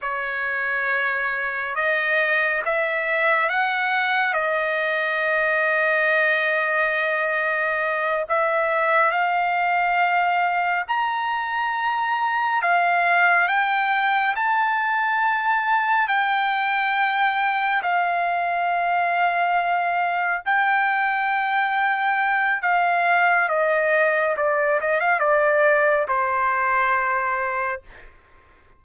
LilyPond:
\new Staff \with { instrumentName = "trumpet" } { \time 4/4 \tempo 4 = 69 cis''2 dis''4 e''4 | fis''4 dis''2.~ | dis''4. e''4 f''4.~ | f''8 ais''2 f''4 g''8~ |
g''8 a''2 g''4.~ | g''8 f''2. g''8~ | g''2 f''4 dis''4 | d''8 dis''16 f''16 d''4 c''2 | }